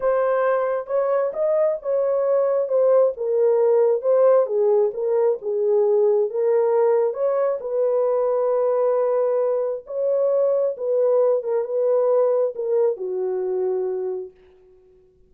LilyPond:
\new Staff \with { instrumentName = "horn" } { \time 4/4 \tempo 4 = 134 c''2 cis''4 dis''4 | cis''2 c''4 ais'4~ | ais'4 c''4 gis'4 ais'4 | gis'2 ais'2 |
cis''4 b'2.~ | b'2 cis''2 | b'4. ais'8 b'2 | ais'4 fis'2. | }